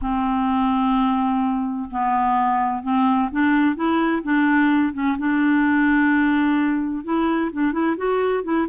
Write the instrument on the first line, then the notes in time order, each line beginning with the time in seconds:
clarinet
0.01 C4
1.90 B3
2.82 C4
3.31 D4
3.75 E4
4.23 D4
4.93 C#4
5.18 D4
7.04 E4
7.52 D4
7.72 E4
7.96 F#4
8.43 E4